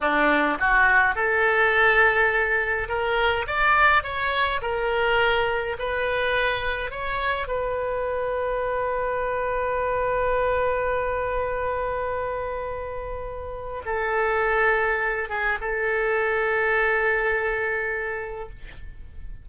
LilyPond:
\new Staff \with { instrumentName = "oboe" } { \time 4/4 \tempo 4 = 104 d'4 fis'4 a'2~ | a'4 ais'4 d''4 cis''4 | ais'2 b'2 | cis''4 b'2.~ |
b'1~ | b'1 | a'2~ a'8 gis'8 a'4~ | a'1 | }